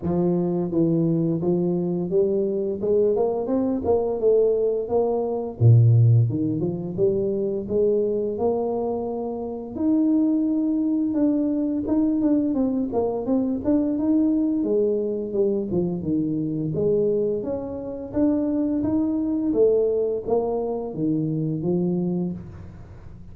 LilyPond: \new Staff \with { instrumentName = "tuba" } { \time 4/4 \tempo 4 = 86 f4 e4 f4 g4 | gis8 ais8 c'8 ais8 a4 ais4 | ais,4 dis8 f8 g4 gis4 | ais2 dis'2 |
d'4 dis'8 d'8 c'8 ais8 c'8 d'8 | dis'4 gis4 g8 f8 dis4 | gis4 cis'4 d'4 dis'4 | a4 ais4 dis4 f4 | }